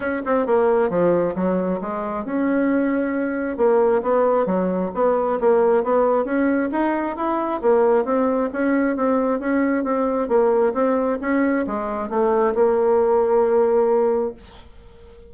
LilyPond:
\new Staff \with { instrumentName = "bassoon" } { \time 4/4 \tempo 4 = 134 cis'8 c'8 ais4 f4 fis4 | gis4 cis'2. | ais4 b4 fis4 b4 | ais4 b4 cis'4 dis'4 |
e'4 ais4 c'4 cis'4 | c'4 cis'4 c'4 ais4 | c'4 cis'4 gis4 a4 | ais1 | }